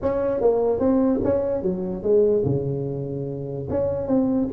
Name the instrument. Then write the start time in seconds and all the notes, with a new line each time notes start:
tuba
0.02 C#4
0.41 A#3
0.79 C4
1.24 C#4
1.62 F#3
2.02 G#3
2.45 C#3
3.70 C#4
4.07 C4